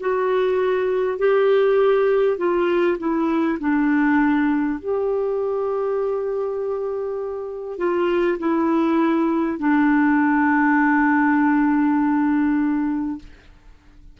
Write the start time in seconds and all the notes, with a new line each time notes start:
0.00 F#4
1.18 G4
2.37 F4
2.98 E4
3.59 D4
4.79 G4
7.78 F4
8.38 E4
9.59 D4